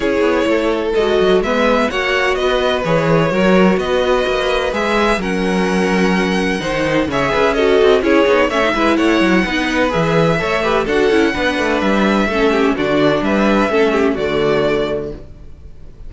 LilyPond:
<<
  \new Staff \with { instrumentName = "violin" } { \time 4/4 \tempo 4 = 127 cis''2 dis''4 e''4 | fis''4 dis''4 cis''2 | dis''2 e''4 fis''4~ | fis''2. e''4 |
dis''4 cis''4 e''4 fis''4~ | fis''4 e''2 fis''4~ | fis''4 e''2 d''4 | e''2 d''2 | }
  \new Staff \with { instrumentName = "violin" } { \time 4/4 gis'4 a'2 b'4 | cis''4 b'2 ais'4 | b'2. ais'4~ | ais'2 c''4 cis''8 b'8 |
a'4 gis'4 cis''8 b'8 cis''4 | b'2 cis''8 b'8 a'4 | b'2 a'8 g'8 fis'4 | b'4 a'8 g'8 fis'2 | }
  \new Staff \with { instrumentName = "viola" } { \time 4/4 e'2 fis'4 b4 | fis'2 gis'4 fis'4~ | fis'2 gis'4 cis'4~ | cis'2 dis'4 gis'4 |
fis'4 e'8 dis'8 cis'16 dis'16 e'4. | dis'4 gis'4 a'8 g'8 fis'8 e'8 | d'2 cis'4 d'4~ | d'4 cis'4 a2 | }
  \new Staff \with { instrumentName = "cello" } { \time 4/4 cis'8 b8 a4 gis8 fis8 gis4 | ais4 b4 e4 fis4 | b4 ais4 gis4 fis4~ | fis2 dis4 cis8 cis'8~ |
cis'8 c'8 cis'8 b8 a8 gis8 a8 fis8 | b4 e4 a4 d'8 cis'8 | b8 a8 g4 a4 d4 | g4 a4 d2 | }
>>